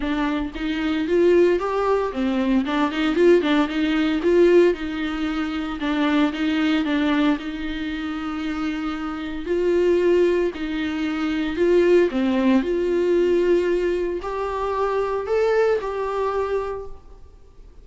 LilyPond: \new Staff \with { instrumentName = "viola" } { \time 4/4 \tempo 4 = 114 d'4 dis'4 f'4 g'4 | c'4 d'8 dis'8 f'8 d'8 dis'4 | f'4 dis'2 d'4 | dis'4 d'4 dis'2~ |
dis'2 f'2 | dis'2 f'4 c'4 | f'2. g'4~ | g'4 a'4 g'2 | }